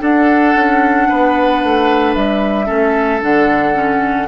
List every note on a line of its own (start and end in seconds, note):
0.00 2.67 D4
0.00 0.55 D4
0.00 1.08 A4
0.00 2.15 F#5
0.55 1.09 C#4
1.09 1.64 B3
1.09 2.66 B4
1.64 2.16 A3
2.15 2.69 G3
2.15 3.22 E5
2.66 3.23 A3
2.66 3.20 C#4
2.66 4.27 A4
3.22 4.28 D3
3.22 3.75 D4
3.22 4.28 F#5
3.75 4.28 C#4